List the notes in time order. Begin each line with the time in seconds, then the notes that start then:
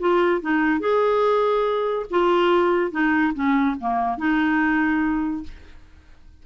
0.00 F4
0.42 D#4
0.80 G#4
2.11 F4
2.92 D#4
3.34 C#4
3.81 A#3
4.18 D#4